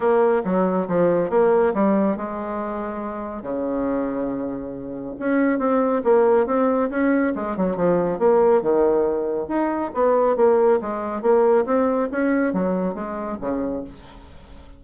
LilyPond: \new Staff \with { instrumentName = "bassoon" } { \time 4/4 \tempo 4 = 139 ais4 fis4 f4 ais4 | g4 gis2. | cis1 | cis'4 c'4 ais4 c'4 |
cis'4 gis8 fis8 f4 ais4 | dis2 dis'4 b4 | ais4 gis4 ais4 c'4 | cis'4 fis4 gis4 cis4 | }